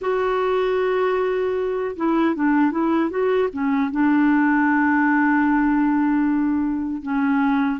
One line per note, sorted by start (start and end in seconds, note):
0.01 1.96 F#4
1.96 2.35 E4
2.35 2.71 D4
2.71 3.10 E4
3.10 3.49 F#4
3.52 3.91 C#4
3.91 7.02 D4
7.02 7.80 C#4